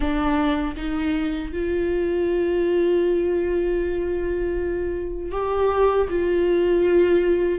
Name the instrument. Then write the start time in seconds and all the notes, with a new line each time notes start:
viola
0.00 D4
0.76 D#4
1.52 F4
5.31 G4
6.09 F4